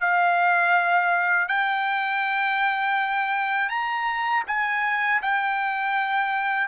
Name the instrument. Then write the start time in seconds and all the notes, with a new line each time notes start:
trumpet
0.00 F5
1.48 G5
3.69 A#5
4.47 G#5
5.22 G5